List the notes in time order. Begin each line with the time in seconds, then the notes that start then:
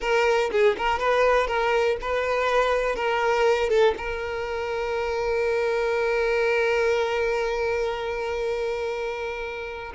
0.00 A#4
0.51 G#4
0.77 A#4
0.99 B4
1.47 A#4
2.01 B4
2.95 A#4
3.69 A4
3.97 A#4